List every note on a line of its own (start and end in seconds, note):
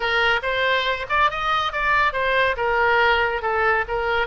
0.00 0.40 A#4
0.42 1.06 C5
1.09 1.30 D5
1.30 1.72 D#5
1.72 2.13 D5
2.13 2.55 C5
2.56 3.42 A#4
3.42 3.85 A4
3.88 4.27 A#4